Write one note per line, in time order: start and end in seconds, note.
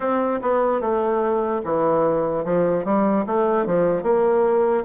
0.00 0.40 C4
0.41 0.80 B3
0.80 1.61 A3
1.64 2.44 E3
2.44 2.85 F3
2.85 3.25 G3
3.26 3.66 A3
3.66 4.02 F3
4.02 4.84 A#3